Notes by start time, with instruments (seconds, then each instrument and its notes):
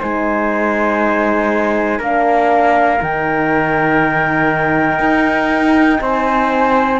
0.00 cello G#3, horn D#4, trumpet C5, flute G#5
1.99 cello A#3, horn D4, trumpet A#4, flute F5
3.01 cello D#3, horn D#4, flute G5
5.00 cello D#4
6.01 cello C4, trumpet C5, flute G#5